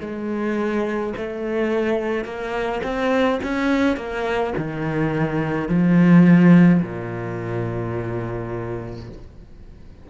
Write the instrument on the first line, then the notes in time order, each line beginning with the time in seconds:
cello
0.00 G#3
1.17 A3
2.25 A#3
2.84 C4
3.43 C#4
3.97 A#3
4.58 D#3
5.69 F3
6.82 A#2